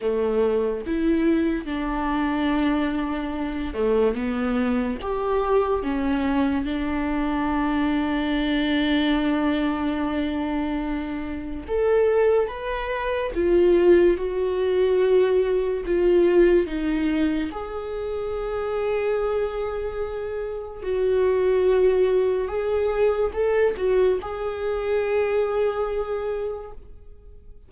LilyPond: \new Staff \with { instrumentName = "viola" } { \time 4/4 \tempo 4 = 72 a4 e'4 d'2~ | d'8 a8 b4 g'4 cis'4 | d'1~ | d'2 a'4 b'4 |
f'4 fis'2 f'4 | dis'4 gis'2.~ | gis'4 fis'2 gis'4 | a'8 fis'8 gis'2. | }